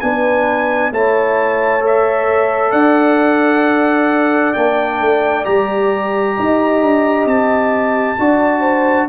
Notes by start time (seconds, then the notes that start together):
0.00 B3 D4 B4 G#5
0.91 A3 E4 C#5 A5
1.80 A4 E5
2.71 D4 D5 F#5
4.53 A#3 D4 G5
5.01 A3
5.44 G3 G4 A#5
6.37 D#4 D#5
6.82 D4
7.25 C4 A5
8.18 D4 F#4 D5
8.60 C5